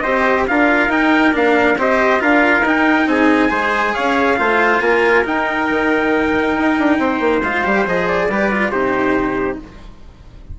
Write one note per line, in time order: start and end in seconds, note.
0.00 0.49 C4
0.00 0.47 G4
0.00 0.47 C5
0.00 0.43 D#5
0.48 0.88 D4
0.48 0.89 F4
0.48 1.79 A#4
0.48 0.91 F5
0.88 1.32 D#4
0.88 1.33 D#4
0.88 1.35 G5
1.33 1.77 A#3
1.33 1.76 D4
1.33 1.79 F5
1.77 2.21 C4
1.77 2.20 G4
1.77 2.22 C5
1.77 2.23 D#5
2.20 2.61 D4
2.20 2.63 F4
2.20 3.09 A#4
2.20 2.66 F5
2.61 3.04 D#4
2.61 3.49 D#4
2.68 3.09 G5
3.07 3.50 C4
3.07 3.50 G#4
3.07 3.94 G#5
3.49 3.95 G#3
3.49 4.36 G#4
3.49 3.94 C5
3.94 4.39 C#4
3.94 4.38 C#5
3.94 4.81 F5
4.37 4.80 A3
4.37 5.24 F4
4.37 4.83 C5
4.80 5.24 A#3
4.80 7.00 A#4
4.80 5.24 G#5
5.24 7.42 D#4
5.24 5.70 D#4
5.24 7.43 G5
5.70 6.56 D#3
6.56 6.78 D#4
6.79 6.99 D4
6.99 7.20 C4
6.99 8.31 C5
7.20 7.42 A#3
7.43 7.65 G#3
7.43 7.64 F4
7.43 7.87 F5
7.64 7.87 G3
7.64 7.86 G4
7.87 8.29 F3
7.87 8.30 G#4
7.87 8.08 D#5
8.08 8.71 D5
8.29 8.72 G3
8.29 8.52 G4
8.29 8.72 B4
8.52 8.72 F4
8.71 9.59 C3
8.71 9.59 D#4
8.71 9.59 G4
8.71 9.58 C5